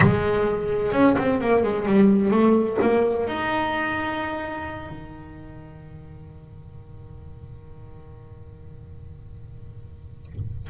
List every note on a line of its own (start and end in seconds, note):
0.00 0.92 G#3
0.92 1.15 C#4
1.17 1.40 C4
1.40 1.63 A#3
1.63 1.85 G#3
1.85 2.30 G3
2.30 2.77 A3
2.81 3.27 A#3
3.27 4.89 D#4
4.89 10.69 D#3